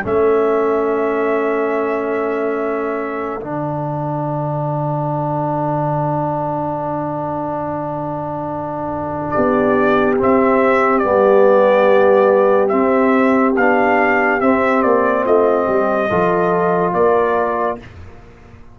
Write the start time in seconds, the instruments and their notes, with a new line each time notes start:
0.00 tuba A3, trombone C#4, horn A4
0.06 trumpet E5
3.41 tuba D3, trombone D4, trumpet F#5
9.30 horn G4, trumpet D5
9.37 tuba B3
10.19 trombone C4, tuba C4, trumpet E5
10.98 tuba G3, trombone B3, trumpet D5
12.68 trombone C4, tuba C4, trumpet E5
13.56 tuba B3, trombone D4, trumpet F5
14.41 trombone C4, tuba C4, trumpet E5
14.82 tuba A#3, trumpet D5
15.24 tuba A3, horn F4, trumpet D#5
15.66 tuba G3, horn G4
16.10 tuba F3, trombone F4, horn A4
16.93 tuba A#3, horn A#4, trumpet D5